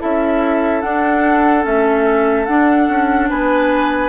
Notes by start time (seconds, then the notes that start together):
0.00 C#4 E4 A4 E5
0.82 D4 F#5
1.64 A3 C#4 E5
2.46 D4 F#5
2.89 C#4
3.29 B3 B4 G#5